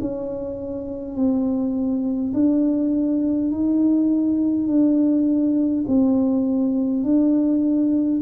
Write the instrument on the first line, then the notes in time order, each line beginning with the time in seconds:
tuba
0.00 C#4
1.15 C4
2.33 D4
3.51 D#4
4.67 D4
5.87 C4
7.03 D4